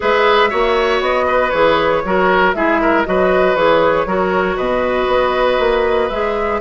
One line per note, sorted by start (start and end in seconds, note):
0.00 0.52 G#3
0.00 0.50 G#4
0.00 0.49 B4
0.00 1.01 E5
0.49 1.00 A#3
0.49 1.51 F#4
0.49 1.26 C#5
1.00 1.51 B3
1.00 1.50 D#5
1.26 2.03 B4
1.50 2.03 E3
1.50 2.03 G#4
1.50 2.51 C#5
2.05 2.54 F#3
2.05 2.54 F#4
2.05 2.55 A#4
2.53 3.05 G#3
2.53 3.05 E4
2.53 2.81 G#4
2.53 3.04 E5
2.81 3.06 A#4
3.05 3.55 F#3
3.05 3.56 F#4
3.05 4.07 B4
3.05 3.55 D#5
3.55 4.06 E3
3.55 4.07 G#4
3.55 4.57 C#5
4.06 4.56 F#3
4.06 6.10 F#4
4.06 4.56 A#4
4.56 5.07 B2
4.56 6.59 B4
4.56 6.09 D#5
5.07 5.58 B3
5.59 6.10 A#3
6.09 6.61 G#3
6.09 6.61 G#4
6.09 6.60 E5